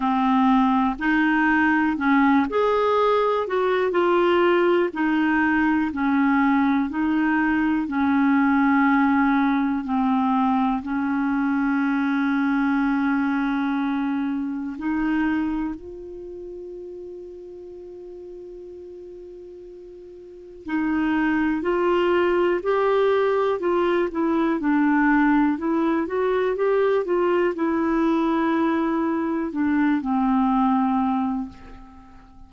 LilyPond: \new Staff \with { instrumentName = "clarinet" } { \time 4/4 \tempo 4 = 61 c'4 dis'4 cis'8 gis'4 fis'8 | f'4 dis'4 cis'4 dis'4 | cis'2 c'4 cis'4~ | cis'2. dis'4 |
f'1~ | f'4 dis'4 f'4 g'4 | f'8 e'8 d'4 e'8 fis'8 g'8 f'8 | e'2 d'8 c'4. | }